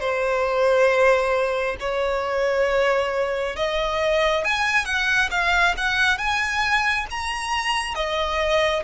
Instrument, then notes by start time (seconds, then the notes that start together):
violin
0.00 C5
1.80 C#5
3.56 D#5
4.45 G#5
4.85 F#5
5.31 F5
5.78 F#5
6.18 G#5
7.11 A#5
7.95 D#5